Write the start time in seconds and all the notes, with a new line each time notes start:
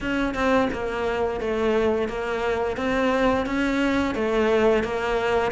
0.01 C#4
0.34 C4
0.73 A#3
1.40 A3
2.08 A#3
2.76 C4
3.45 C#4
4.14 A3
4.83 A#3